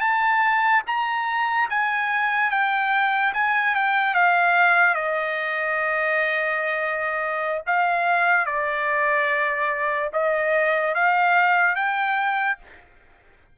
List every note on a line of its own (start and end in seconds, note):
0.00 0.82 A5
0.87 1.69 A#5
1.70 2.51 G#5
2.51 3.33 G5
3.34 3.75 G#5
3.75 4.14 G5
4.14 4.95 F5
4.95 7.62 D#5
7.67 8.46 F5
8.46 10.10 D5
10.13 10.95 D#5
10.95 11.75 F5
11.75 12.58 G5